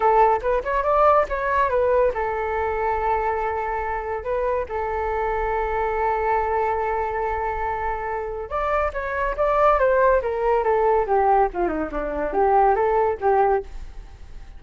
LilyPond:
\new Staff \with { instrumentName = "flute" } { \time 4/4 \tempo 4 = 141 a'4 b'8 cis''8 d''4 cis''4 | b'4 a'2.~ | a'2 b'4 a'4~ | a'1~ |
a'1 | d''4 cis''4 d''4 c''4 | ais'4 a'4 g'4 f'8 dis'8 | d'4 g'4 a'4 g'4 | }